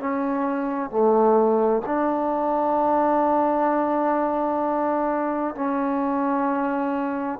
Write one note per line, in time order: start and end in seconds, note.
0.00 0.90 C#4
0.90 1.83 A3
1.86 5.55 D4
5.55 7.40 C#4